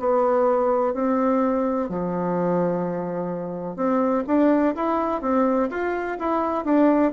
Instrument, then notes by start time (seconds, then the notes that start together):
bassoon
0.00 B3
0.94 C4
1.89 F3
3.77 C4
4.27 D4
4.76 E4
5.22 C4
5.71 F4
6.20 E4
6.65 D4